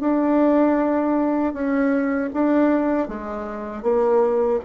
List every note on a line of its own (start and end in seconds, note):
0.00 1.53 D4
1.53 2.30 C#4
2.33 3.08 D4
3.08 3.83 G#3
3.83 4.60 A#3